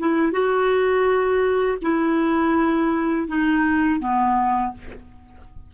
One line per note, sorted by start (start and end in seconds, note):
0.00 0.33 E4
0.33 1.79 F#4
1.82 3.28 E4
3.28 4.00 D#4
4.00 4.73 B3